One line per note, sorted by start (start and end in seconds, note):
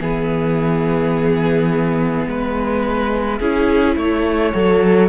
0.00 2.26 E3
0.00 3.41 B3
0.00 2.27 G#4
0.00 5.09 E5
2.27 3.40 G#3
2.27 3.39 B4
3.39 3.96 C#4
3.39 4.53 E4
3.39 3.95 G#4
3.96 4.53 A3
3.96 5.09 C#5
4.53 5.09 F#3
4.53 5.09 A4